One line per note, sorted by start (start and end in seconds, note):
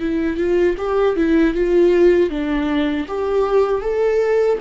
0.00 0.37 E4
0.37 0.76 F4
0.78 1.16 G4
1.17 1.54 E4
1.54 2.30 F4
2.30 3.07 D4
3.08 3.81 G4
3.81 4.58 A4